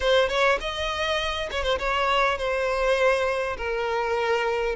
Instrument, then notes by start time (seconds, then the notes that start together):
violin
0.00 C5
0.29 C#5
0.60 D#5
1.51 C#5
1.63 C5
1.78 C#5
2.38 C5
3.57 A#4